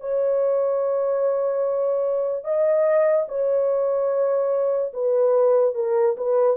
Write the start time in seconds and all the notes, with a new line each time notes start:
0.00 C#5
2.44 D#5
3.28 C#5
4.93 B4
5.74 A#4
6.16 B4